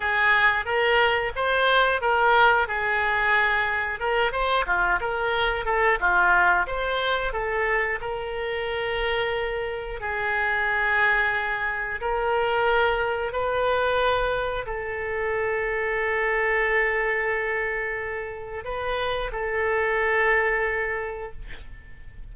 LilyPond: \new Staff \with { instrumentName = "oboe" } { \time 4/4 \tempo 4 = 90 gis'4 ais'4 c''4 ais'4 | gis'2 ais'8 c''8 f'8 ais'8~ | ais'8 a'8 f'4 c''4 a'4 | ais'2. gis'4~ |
gis'2 ais'2 | b'2 a'2~ | a'1 | b'4 a'2. | }